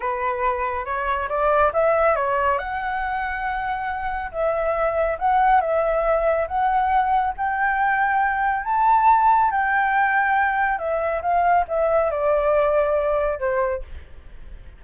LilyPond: \new Staff \with { instrumentName = "flute" } { \time 4/4 \tempo 4 = 139 b'2 cis''4 d''4 | e''4 cis''4 fis''2~ | fis''2 e''2 | fis''4 e''2 fis''4~ |
fis''4 g''2. | a''2 g''2~ | g''4 e''4 f''4 e''4 | d''2. c''4 | }